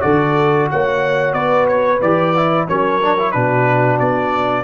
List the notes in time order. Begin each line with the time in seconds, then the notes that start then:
0.00 D3 F#4 A4 D5
0.70 A#3 C#5 F#5
1.33 B3 B4 D5
1.67 C#5
2.01 E3 G4 D5
2.36 E4
2.67 F#3 C#4 A#4 C#5
3.01 D4
3.18 E4
3.31 B2 D4 F#4 B4
3.99 B3 D5